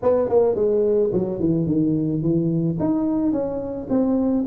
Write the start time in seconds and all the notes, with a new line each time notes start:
0.02 B3
0.29 A#3
0.55 G#3
1.12 F#3
1.39 E3
1.66 D#3
2.21 E3
2.79 D#4
3.32 C#4
3.89 C4